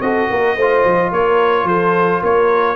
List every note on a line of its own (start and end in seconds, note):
0.00 0.28 C4
0.00 0.57 F#4
0.00 0.30 A4
0.00 1.11 D#5
0.30 0.56 A#3
0.30 0.55 A#4
0.55 0.84 A3
0.55 2.76 F4
0.55 1.10 C5
0.84 1.11 F3
1.11 1.63 A#3
1.11 1.66 A#4
1.11 1.67 C#5
1.63 2.18 F3
1.63 2.21 A4
1.63 2.22 C5
2.21 2.76 A#3
2.21 2.76 A#4
2.21 2.76 C#5